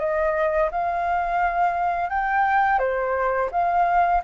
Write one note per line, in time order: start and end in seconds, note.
0.00 0.71 D#5
0.72 2.10 F5
2.10 2.79 G5
2.79 3.50 C5
3.52 4.23 F5